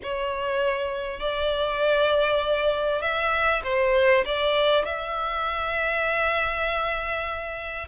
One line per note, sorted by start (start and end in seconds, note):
0.02 1.20 C#5
1.20 3.01 D5
3.01 3.62 E5
3.63 4.24 C5
4.25 4.84 D5
4.84 7.87 E5